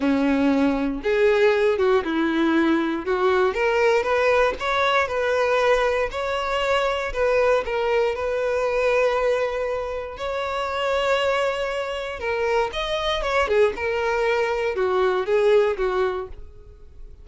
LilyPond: \new Staff \with { instrumentName = "violin" } { \time 4/4 \tempo 4 = 118 cis'2 gis'4. fis'8 | e'2 fis'4 ais'4 | b'4 cis''4 b'2 | cis''2 b'4 ais'4 |
b'1 | cis''1 | ais'4 dis''4 cis''8 gis'8 ais'4~ | ais'4 fis'4 gis'4 fis'4 | }